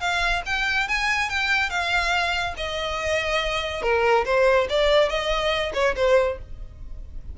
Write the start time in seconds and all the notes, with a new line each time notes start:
0.00 F5
0.46 G5
0.88 G#5
1.29 G5
1.70 F5
2.57 D#5
3.82 A#4
4.25 C5
4.69 D5
5.09 D#5
5.74 C#5
5.96 C5